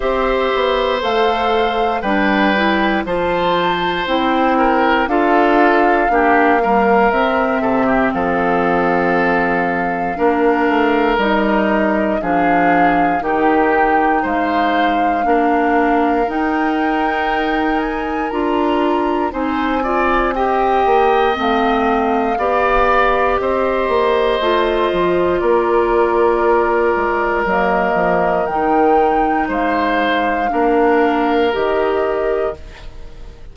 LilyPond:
<<
  \new Staff \with { instrumentName = "flute" } { \time 4/4 \tempo 4 = 59 e''4 f''4 g''4 a''4 | g''4 f''2 e''4 | f''2. dis''4 | f''4 g''4 f''2 |
g''4. gis''8 ais''4 gis''4 | g''4 f''2 dis''4~ | dis''4 d''2 dis''4 | g''4 f''2 dis''4 | }
  \new Staff \with { instrumentName = "oboe" } { \time 4/4 c''2 b'4 c''4~ | c''8 ais'8 a'4 g'8 ais'4 a'16 g'16 | a'2 ais'2 | gis'4 g'4 c''4 ais'4~ |
ais'2. c''8 d''8 | dis''2 d''4 c''4~ | c''4 ais'2.~ | ais'4 c''4 ais'2 | }
  \new Staff \with { instrumentName = "clarinet" } { \time 4/4 g'4 a'4 d'8 e'8 f'4 | e'4 f'4 d'8 g8 c'4~ | c'2 d'4 dis'4 | d'4 dis'2 d'4 |
dis'2 f'4 dis'8 f'8 | g'4 c'4 g'2 | f'2. ais4 | dis'2 d'4 g'4 | }
  \new Staff \with { instrumentName = "bassoon" } { \time 4/4 c'8 b8 a4 g4 f4 | c'4 d'4 ais4 c'8 c8 | f2 ais8 a8 g4 | f4 dis4 gis4 ais4 |
dis'2 d'4 c'4~ | c'8 ais8 a4 b4 c'8 ais8 | a8 f8 ais4. gis8 fis8 f8 | dis4 gis4 ais4 dis4 | }
>>